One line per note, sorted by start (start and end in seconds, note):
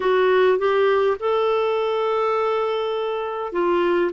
0.00 0.58 F#4
0.58 1.17 G4
1.19 3.52 A4
3.52 4.11 F4